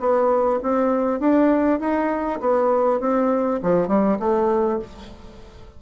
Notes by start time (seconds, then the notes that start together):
0.00 B3
0.63 C4
1.20 D4
1.80 D#4
2.41 B3
3.01 C4
3.63 F3
3.88 G3
4.20 A3